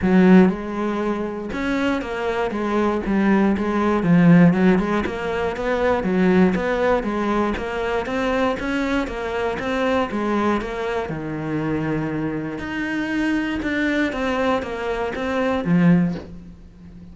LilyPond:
\new Staff \with { instrumentName = "cello" } { \time 4/4 \tempo 4 = 119 fis4 gis2 cis'4 | ais4 gis4 g4 gis4 | f4 fis8 gis8 ais4 b4 | fis4 b4 gis4 ais4 |
c'4 cis'4 ais4 c'4 | gis4 ais4 dis2~ | dis4 dis'2 d'4 | c'4 ais4 c'4 f4 | }